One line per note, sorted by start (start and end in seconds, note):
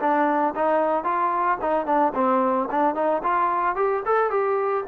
0.00 0.54 D4
0.55 1.04 D#4
1.04 1.58 F4
1.61 1.86 D#4
1.86 2.13 D4
2.14 2.68 C4
2.71 2.95 D4
2.95 3.22 D#4
3.23 3.76 F4
3.76 4.03 G4
4.06 4.30 A4
4.30 4.84 G4